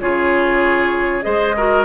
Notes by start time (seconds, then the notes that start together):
0.00 C#3 F4 G#4 C#5
1.23 G#3 G#4 C5 D#5
1.57 F#4 A#4